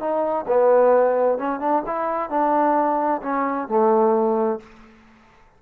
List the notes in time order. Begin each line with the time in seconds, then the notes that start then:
0.00 D#4
0.47 B3
1.38 C#4
1.60 D4
1.86 E4
2.30 D4
3.22 C#4
3.68 A3